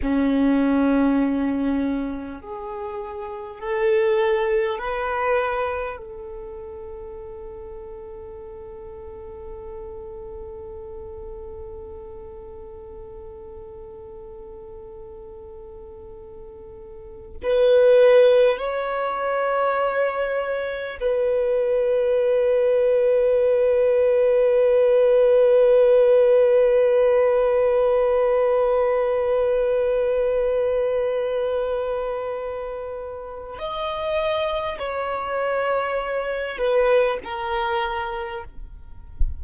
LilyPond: \new Staff \with { instrumentName = "violin" } { \time 4/4 \tempo 4 = 50 cis'2 gis'4 a'4 | b'4 a'2.~ | a'1~ | a'2~ a'8 b'4 cis''8~ |
cis''4. b'2~ b'8~ | b'1~ | b'1 | dis''4 cis''4. b'8 ais'4 | }